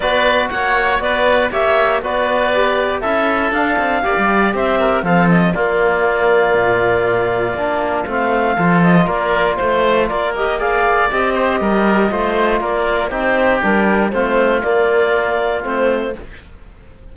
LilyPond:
<<
  \new Staff \with { instrumentName = "clarinet" } { \time 4/4 \tempo 4 = 119 d''4 fis''4 d''4 e''4 | d''2 e''4 f''4~ | f''4 e''4 f''8 dis''8 d''4~ | d''1 |
f''4. dis''8 d''4 c''4 | d''8 dis''8 f''4 dis''2~ | dis''4 d''4 c''4 ais'4 | c''4 d''2 c''4 | }
  \new Staff \with { instrumentName = "oboe" } { \time 4/4 b'4 cis''4 b'4 cis''4 | b'2 a'2 | d''4 c''8 ais'8 a'4 f'4~ | f'1~ |
f'4 a'4 ais'4 c''4 | ais'4 d''4. c''8 ais'4 | c''4 ais'4 g'2 | f'1 | }
  \new Staff \with { instrumentName = "trombone" } { \time 4/4 fis'2. g'4 | fis'4 g'4 e'4 d'4 | g'2 c'4 ais4~ | ais2. d'4 |
c'4 f'2.~ | f'8 g'8 gis'4 g'2 | f'2 dis'4 d'4 | c'4 ais2 c'4 | }
  \new Staff \with { instrumentName = "cello" } { \time 4/4 b4 ais4 b4 ais4 | b2 cis'4 d'8 c'8 | ais16 g8. c'4 f4 ais4~ | ais4 ais,2 ais4 |
a4 f4 ais4 a4 | ais2 c'4 g4 | a4 ais4 c'4 g4 | a4 ais2 a4 | }
>>